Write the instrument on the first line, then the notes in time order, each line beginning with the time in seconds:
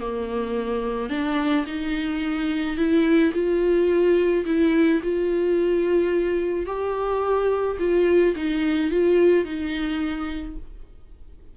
viola
0.00 A#3
1.10 D4
1.67 D#4
2.77 E4
3.34 F4
4.45 E4
5.03 F4
6.66 G4
7.79 F4
8.36 D#4
8.91 F4
9.45 D#4